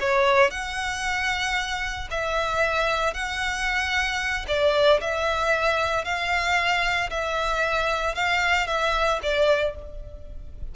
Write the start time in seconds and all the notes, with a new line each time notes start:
0.00 C#5
0.50 F#5
2.11 E5
3.14 F#5
4.48 D5
5.01 E5
6.05 F5
7.11 E5
8.15 F5
8.67 E5
9.23 D5